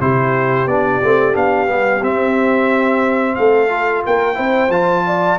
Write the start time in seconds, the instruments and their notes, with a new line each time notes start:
0.00 tuba C3, trombone E4, horn G4, trumpet C5
0.66 tuba B3, trombone D4, trumpet D5
1.03 tuba A3, trombone C4
1.33 tuba B3, trombone D4, trumpet F5
1.67 tuba G3, trombone B3
2.01 tuba C4, trombone C4, trumpet E5
3.35 tuba A3, horn A4, trumpet F5
3.69 trombone F4
4.05 tuba A#3, horn A#4, trumpet G5
4.34 tuba C4, trombone E4, horn C5
4.69 tuba F3, trombone F4, trumpet A5
5.06 horn D5